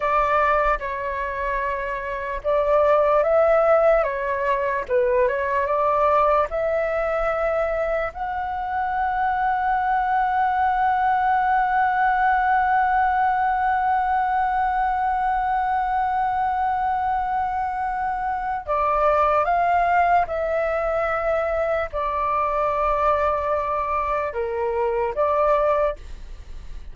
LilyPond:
\new Staff \with { instrumentName = "flute" } { \time 4/4 \tempo 4 = 74 d''4 cis''2 d''4 | e''4 cis''4 b'8 cis''8 d''4 | e''2 fis''2~ | fis''1~ |
fis''1~ | fis''2. d''4 | f''4 e''2 d''4~ | d''2 ais'4 d''4 | }